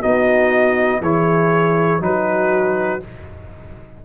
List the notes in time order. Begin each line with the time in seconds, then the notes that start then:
0.00 B3 D#4 F#4 D#5
1.01 E3 E4 G#4 C#5
2.00 F#3 D#4 F#4 B4